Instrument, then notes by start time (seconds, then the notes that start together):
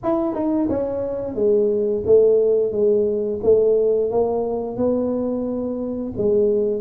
tuba
0.03 E4
0.34 D#4
0.68 C#4
1.35 G#3
2.06 A3
2.71 G#3
3.43 A3
4.11 A#3
4.76 B3
6.17 G#3